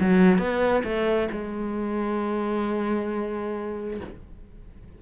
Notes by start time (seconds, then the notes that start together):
0.00 F#3
0.38 B3
0.83 A3
1.31 G#3